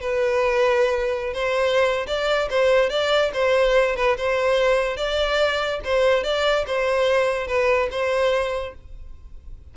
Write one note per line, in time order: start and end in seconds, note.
0.00 1.33 B4
1.33 2.06 C5
2.07 2.48 D5
2.50 2.89 C5
2.89 3.31 D5
3.33 3.96 C5
3.96 4.16 B4
4.17 4.97 C5
4.97 5.80 D5
5.84 6.23 C5
6.23 6.65 D5
6.66 7.47 C5
7.47 7.89 B4
7.91 8.74 C5